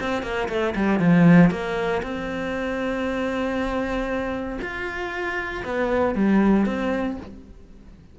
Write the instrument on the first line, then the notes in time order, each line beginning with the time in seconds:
cello
0.00 C4
0.22 A#3
0.48 A3
0.75 G3
0.99 F3
1.50 A#3
2.03 C4
4.62 F4
5.65 B3
6.15 G3
6.66 C4